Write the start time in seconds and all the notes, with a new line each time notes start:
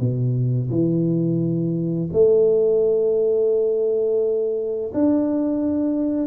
0.00 B2
0.70 E3
2.13 A3
4.94 D4